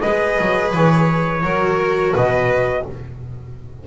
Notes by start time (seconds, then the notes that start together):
0.00 G#3 G#4 B4 D#5
0.41 F#3
0.73 E3 C#5
1.43 F#3 F#4 A#4
2.13 B2 B4 D#5